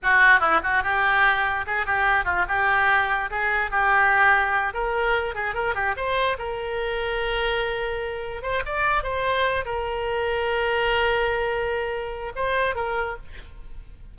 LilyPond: \new Staff \with { instrumentName = "oboe" } { \time 4/4 \tempo 4 = 146 fis'4 e'8 fis'8 g'2 | gis'8 g'4 f'8 g'2 | gis'4 g'2~ g'8 ais'8~ | ais'4 gis'8 ais'8 g'8 c''4 ais'8~ |
ais'1~ | ais'8 c''8 d''4 c''4. ais'8~ | ais'1~ | ais'2 c''4 ais'4 | }